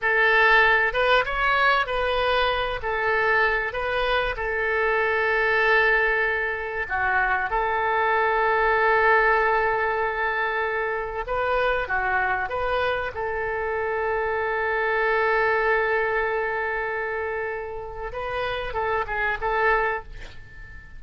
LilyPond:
\new Staff \with { instrumentName = "oboe" } { \time 4/4 \tempo 4 = 96 a'4. b'8 cis''4 b'4~ | b'8 a'4. b'4 a'4~ | a'2. fis'4 | a'1~ |
a'2 b'4 fis'4 | b'4 a'2.~ | a'1~ | a'4 b'4 a'8 gis'8 a'4 | }